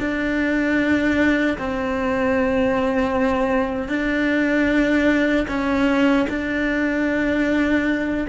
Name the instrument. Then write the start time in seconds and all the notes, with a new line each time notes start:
cello
0.00 D4
1.58 C4
3.89 D4
5.48 C#4
6.30 D4